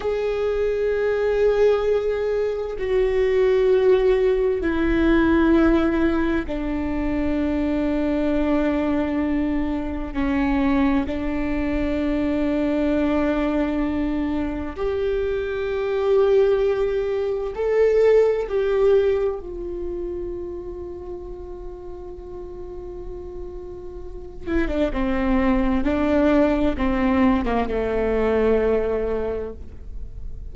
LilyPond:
\new Staff \with { instrumentName = "viola" } { \time 4/4 \tempo 4 = 65 gis'2. fis'4~ | fis'4 e'2 d'4~ | d'2. cis'4 | d'1 |
g'2. a'4 | g'4 f'2.~ | f'2~ f'8 e'16 d'16 c'4 | d'4 c'8. ais16 a2 | }